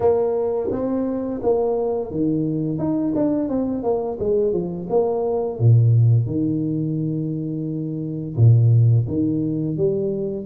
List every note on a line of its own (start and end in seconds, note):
0.00 0.70 A#3
0.71 1.41 C4
1.43 2.11 A#3
2.11 2.78 D#3
2.78 3.13 D#4
3.15 3.49 D4
3.49 3.83 C4
3.83 4.18 A#3
4.19 4.53 G#3
4.53 4.87 F3
4.89 5.59 A#3
5.59 6.26 A#2
6.26 8.36 D#3
8.36 9.06 A#2
9.08 9.76 D#3
9.76 10.45 G3